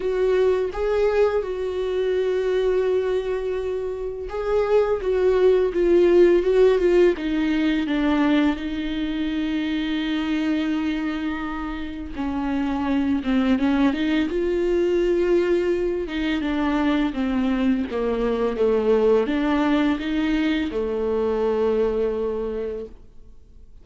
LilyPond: \new Staff \with { instrumentName = "viola" } { \time 4/4 \tempo 4 = 84 fis'4 gis'4 fis'2~ | fis'2 gis'4 fis'4 | f'4 fis'8 f'8 dis'4 d'4 | dis'1~ |
dis'4 cis'4. c'8 cis'8 dis'8 | f'2~ f'8 dis'8 d'4 | c'4 ais4 a4 d'4 | dis'4 a2. | }